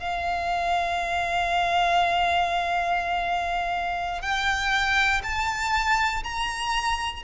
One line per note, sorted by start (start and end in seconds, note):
0.00 4.22 F5
4.22 5.22 G5
5.24 6.24 A5
6.24 7.24 A#5